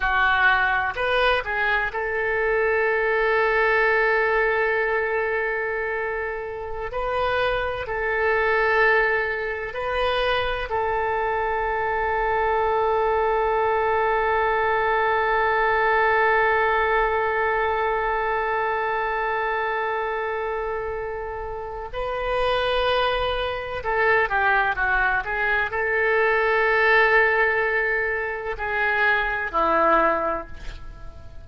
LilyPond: \new Staff \with { instrumentName = "oboe" } { \time 4/4 \tempo 4 = 63 fis'4 b'8 gis'8 a'2~ | a'2.~ a'16 b'8.~ | b'16 a'2 b'4 a'8.~ | a'1~ |
a'1~ | a'2. b'4~ | b'4 a'8 g'8 fis'8 gis'8 a'4~ | a'2 gis'4 e'4 | }